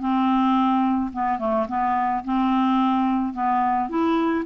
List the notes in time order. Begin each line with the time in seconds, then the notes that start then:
0.00 C4
1.13 B3
1.39 A3
1.68 B3
2.24 C4
3.33 B3
3.89 E4